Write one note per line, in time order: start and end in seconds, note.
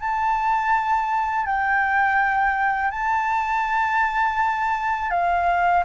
0.00 1.46 A5
1.46 2.91 G5
2.91 5.11 A5
5.11 5.84 F5